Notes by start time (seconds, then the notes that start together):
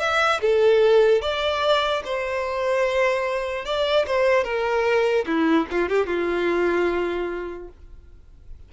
0.00 E5
0.42 A4
1.22 D5
2.05 C5
3.66 D5
4.07 C5
4.44 A#4
5.27 E4
5.71 F4
5.89 G4
6.07 F4